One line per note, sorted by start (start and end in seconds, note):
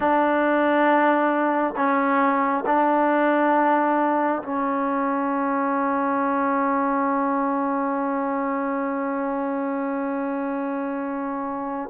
0.00 1.74 D4
1.76 2.64 C#4
2.66 4.42 D4
4.42 11.90 C#4